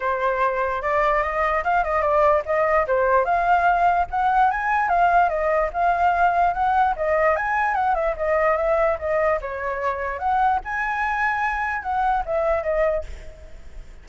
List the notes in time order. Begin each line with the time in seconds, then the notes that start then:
0.00 C5
0.82 D5
1.22 D#5
1.64 F5
1.84 D#5
2.01 D5
2.45 D#5
2.87 C5
3.24 F5
4.10 F#5
4.50 G#5
4.88 F5
5.29 D#5
5.73 F5
6.53 F#5
6.96 D#5
7.35 G#5
7.74 F#5
7.94 E5
8.16 D#5
8.56 E5
8.98 D#5
9.41 C#5
10.18 F#5
10.64 G#5
11.82 F#5
12.25 E5
12.63 D#5